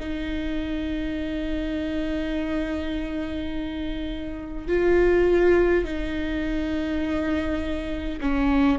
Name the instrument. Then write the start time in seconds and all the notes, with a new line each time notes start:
viola
0.00 D#4
4.68 F4
5.84 D#4
8.21 C#4